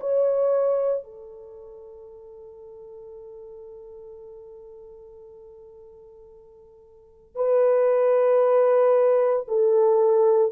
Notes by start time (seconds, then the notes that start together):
0.00 C#5
1.03 A4
7.35 B4
9.47 A4